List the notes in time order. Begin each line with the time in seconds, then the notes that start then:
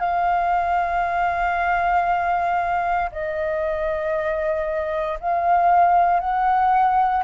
0.00 F5
3.12 D#5
5.21 F5
6.20 F#5